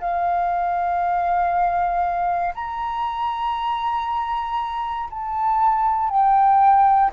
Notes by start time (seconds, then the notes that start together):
0.00 F5
2.55 A#5
5.10 A5
6.10 G5